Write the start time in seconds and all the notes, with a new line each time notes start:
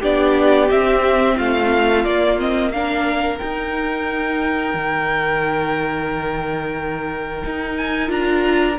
0.00 B3 D4 G4 D5
0.71 C4 E5
1.36 A3 F4 F5
2.05 A#3 D5
2.39 C4 D#5
2.72 D4 A#4 F5
3.39 D#4 G5
4.74 D#3
7.46 D#4
7.77 G#5
8.07 D4 F4 A#5